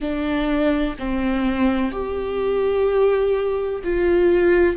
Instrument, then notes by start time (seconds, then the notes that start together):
viola
0.00 D4
0.98 C4
1.91 G4
3.84 F4